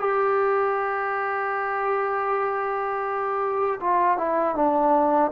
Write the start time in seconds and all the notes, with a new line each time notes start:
0.00 G4
3.80 F4
4.18 E4
4.55 D4